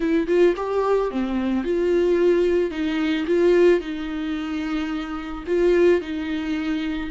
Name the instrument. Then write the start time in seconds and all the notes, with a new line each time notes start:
viola
0.00 E4
0.27 F4
0.56 G4
1.10 C4
1.63 F4
2.70 D#4
3.27 F4
3.80 D#4
5.47 F4
6.01 D#4